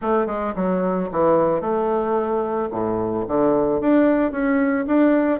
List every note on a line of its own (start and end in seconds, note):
0.01 0.26 A3
0.26 0.53 G#3
0.55 1.09 F#3
1.11 1.60 E3
1.60 2.68 A3
2.71 3.25 A2
3.27 3.80 D3
3.80 4.31 D4
4.31 4.85 C#4
4.86 5.40 D4